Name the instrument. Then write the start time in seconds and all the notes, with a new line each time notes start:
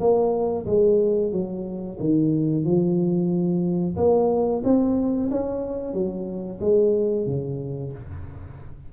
tuba
0.00 A#3
0.66 G#3
1.32 F#3
2.00 D#3
2.64 F3
3.97 A#3
4.64 C4
5.31 C#4
5.94 F#3
6.61 G#3
7.26 C#3